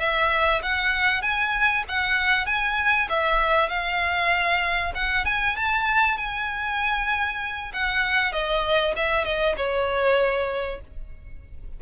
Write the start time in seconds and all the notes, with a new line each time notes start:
0.00 E5
0.63 F#5
1.22 G#5
1.89 F#5
2.47 G#5
3.10 E5
3.69 F5
4.95 F#5
5.25 G#5
5.56 A5
6.18 G#5
7.73 F#5
8.33 D#5
8.96 E5
9.25 D#5
9.57 C#5